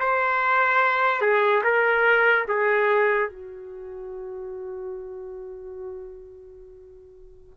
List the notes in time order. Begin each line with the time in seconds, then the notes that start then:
0.00 C5
1.21 G#4
1.64 A#4
2.48 G#4
3.30 F#4